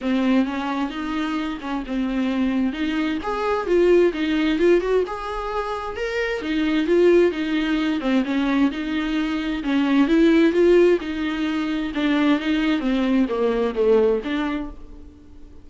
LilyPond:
\new Staff \with { instrumentName = "viola" } { \time 4/4 \tempo 4 = 131 c'4 cis'4 dis'4. cis'8 | c'2 dis'4 gis'4 | f'4 dis'4 f'8 fis'8 gis'4~ | gis'4 ais'4 dis'4 f'4 |
dis'4. c'8 cis'4 dis'4~ | dis'4 cis'4 e'4 f'4 | dis'2 d'4 dis'4 | c'4 ais4 a4 d'4 | }